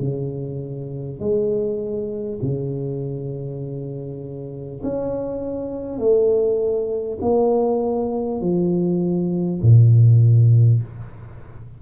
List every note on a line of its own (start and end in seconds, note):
0.00 1.20 C#3
1.20 2.40 G#3
2.42 4.82 C#3
4.83 5.98 C#4
5.98 7.18 A3
7.22 8.41 A#3
8.41 9.61 F3
9.62 10.82 A#2